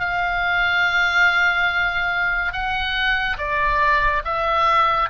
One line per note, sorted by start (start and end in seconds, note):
0.00 2.53 F5
2.53 3.37 F#5
3.38 4.23 D5
4.25 5.09 E5